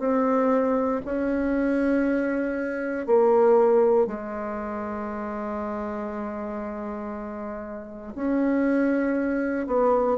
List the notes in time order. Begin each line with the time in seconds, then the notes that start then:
0.00 C4
1.05 C#4
3.07 A#3
4.07 G#3
8.15 C#4
9.67 B3